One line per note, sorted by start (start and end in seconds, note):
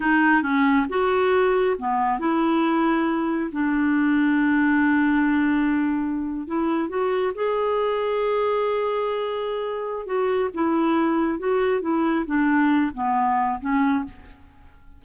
0.00 0.42 D#4
0.42 0.86 C#4
0.89 1.76 F#4
1.78 2.19 B3
2.19 3.50 E4
3.52 6.47 D4
6.47 6.88 E4
6.88 7.32 F#4
7.34 10.06 G#4
10.06 10.49 F#4
10.53 11.38 E4
11.38 11.81 F#4
11.81 12.25 E4
12.25 12.91 D4
12.93 13.59 B3
13.60 14.04 C#4